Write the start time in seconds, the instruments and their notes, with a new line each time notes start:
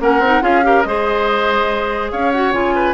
0.00 bassoon A#3, clarinet C#4, oboe A#4, flute F#5
0.20 bassoon C4, clarinet D#4
0.41 bassoon C#4, clarinet F4, oboe G#4, flute F5
0.63 clarinet G4, oboe A#4
0.83 bassoon G#3, clarinet G#4, oboe C5, flute D#5
2.12 bassoon C#4, oboe C#5, flute F5
2.32 clarinet F#4, flute F#5
2.53 bassoon C#3, clarinet F4, flute G#5
2.75 oboe B4